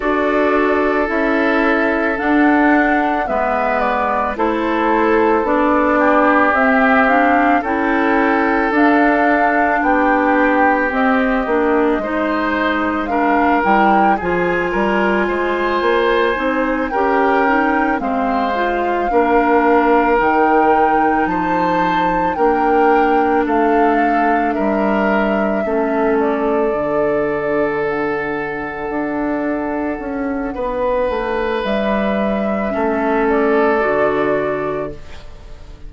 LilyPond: <<
  \new Staff \with { instrumentName = "flute" } { \time 4/4 \tempo 4 = 55 d''4 e''4 fis''4 e''8 d''8 | c''4 d''4 e''8 f''8 g''4 | f''4 g''4 dis''2 | f''8 g''8 gis''2~ gis''8 g''8~ |
g''8 f''2 g''4 a''8~ | a''8 g''4 f''4 e''4. | d''4. fis''2~ fis''8~ | fis''4 e''4. d''4. | }
  \new Staff \with { instrumentName = "oboe" } { \time 4/4 a'2. b'4 | a'4. g'4. a'4~ | a'4 g'2 c''4 | ais'4 gis'8 ais'8 c''4. ais'8~ |
ais'8 c''4 ais'2 c''8~ | c''8 ais'4 a'4 ais'4 a'8~ | a'1 | b'2 a'2 | }
  \new Staff \with { instrumentName = "clarinet" } { \time 4/4 fis'4 e'4 d'4 b4 | e'4 d'4 c'8 d'8 e'4 | d'2 c'8 d'8 dis'4 | d'8 e'8 f'2 dis'8 g'8 |
dis'8 c'8 f'8 d'4 dis'4.~ | dis'8 d'2. cis'8~ | cis'8 d'2.~ d'8~ | d'2 cis'4 fis'4 | }
  \new Staff \with { instrumentName = "bassoon" } { \time 4/4 d'4 cis'4 d'4 gis4 | a4 b4 c'4 cis'4 | d'4 b4 c'8 ais8 gis4~ | gis8 g8 f8 g8 gis8 ais8 c'8 cis'8~ |
cis'8 gis4 ais4 dis4 f8~ | f8 ais4 a4 g4 a8~ | a8 d2 d'4 cis'8 | b8 a8 g4 a4 d4 | }
>>